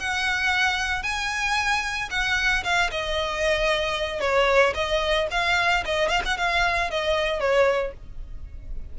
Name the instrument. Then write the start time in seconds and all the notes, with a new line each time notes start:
violin
0.00 F#5
1.03 G#5
2.11 F#5
2.65 F5
2.91 D#5
4.21 C#5
4.75 D#5
5.31 F5
5.86 D#5
6.09 F5
6.26 F#5
6.38 F5
6.91 D#5
7.40 C#5